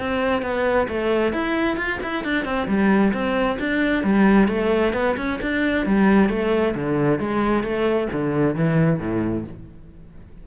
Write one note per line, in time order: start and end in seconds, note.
0.00 0.43 C4
0.43 0.88 B3
0.89 1.33 A3
1.33 1.77 E4
1.77 2.00 F4
2.03 2.25 E4
2.25 2.45 D4
2.45 2.68 C4
2.68 3.13 G3
3.14 3.59 C4
3.60 4.04 D4
4.04 4.49 G3
4.49 4.94 A3
4.94 5.16 B3
5.17 5.40 C#4
5.42 5.86 D4
5.86 6.30 G3
6.30 6.75 A3
6.75 7.20 D3
7.20 7.64 G#3
7.64 8.09 A3
8.13 8.56 D3
8.56 9.00 E3
9.00 9.45 A2